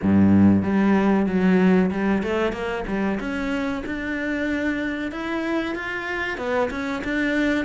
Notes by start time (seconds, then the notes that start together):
0.02 G2
0.62 G3
1.26 F#3
1.90 G3
2.22 A3
2.52 A#3
2.87 G3
3.19 C#4
3.86 D4
5.11 E4
5.75 F4
6.37 B3
6.70 C#4
7.04 D4